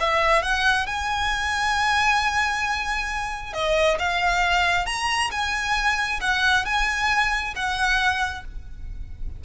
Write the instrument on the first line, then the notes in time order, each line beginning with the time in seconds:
violin
0.00 E5
0.42 F#5
0.86 G#5
3.53 D#5
3.99 F5
4.86 A#5
5.31 G#5
6.21 F#5
6.65 G#5
7.56 F#5